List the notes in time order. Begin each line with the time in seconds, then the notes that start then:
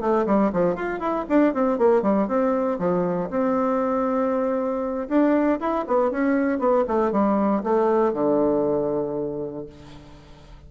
0.00 A3
0.26 G3
0.52 F3
0.75 F4
0.99 E4
1.29 D4
1.53 C4
1.78 A#3
2.02 G3
2.27 C4
2.78 F3
3.30 C4
5.08 D4
5.60 E4
5.87 B3
6.11 C#4
6.58 B3
6.87 A3
7.11 G3
7.63 A3
8.13 D3